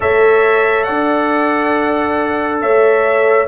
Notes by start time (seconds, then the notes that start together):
0.00 A3 A4 C#5 E5
0.83 D4 D5 F#5
2.61 A3 C#5 E5